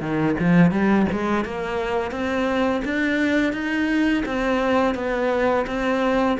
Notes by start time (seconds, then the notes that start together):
0.00 D#3
0.39 F3
0.71 G3
1.11 G#3
1.44 A#3
2.11 C4
2.84 D4
3.53 D#4
4.25 C4
4.94 B3
5.67 C4